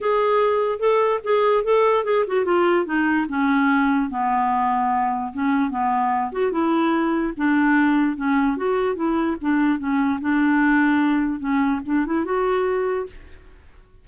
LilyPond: \new Staff \with { instrumentName = "clarinet" } { \time 4/4 \tempo 4 = 147 gis'2 a'4 gis'4 | a'4 gis'8 fis'8 f'4 dis'4 | cis'2 b2~ | b4 cis'4 b4. fis'8 |
e'2 d'2 | cis'4 fis'4 e'4 d'4 | cis'4 d'2. | cis'4 d'8 e'8 fis'2 | }